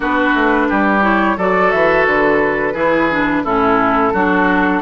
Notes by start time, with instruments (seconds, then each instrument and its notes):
0.00 bassoon B3, clarinet D4, oboe F#4, flute B4
0.34 bassoon A3
0.69 bassoon G3, oboe G4
1.01 clarinet E4, flute C#5
1.37 bassoon F#3, clarinet F#4, oboe A4, flute D5
1.71 bassoon E3, flute E5
2.06 bassoon D3, flute B4
2.73 bassoon E3, clarinet E4, oboe G#4
3.10 clarinet D4
3.44 bassoon A2, clarinet C#4, oboe E4, flute A4
4.13 bassoon F#3, clarinet D4, oboe F#4